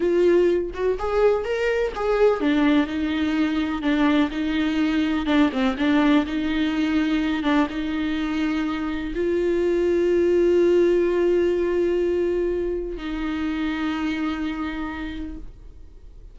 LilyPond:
\new Staff \with { instrumentName = "viola" } { \time 4/4 \tempo 4 = 125 f'4. fis'8 gis'4 ais'4 | gis'4 d'4 dis'2 | d'4 dis'2 d'8 c'8 | d'4 dis'2~ dis'8 d'8 |
dis'2. f'4~ | f'1~ | f'2. dis'4~ | dis'1 | }